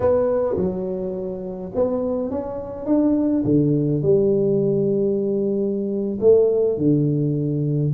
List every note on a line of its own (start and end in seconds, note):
0.00 0.55 B3
0.56 1.71 F#3
1.74 2.31 B3
2.31 2.86 C#4
2.86 3.43 D4
3.44 4.02 D3
4.02 6.19 G3
6.20 6.77 A3
6.77 7.92 D3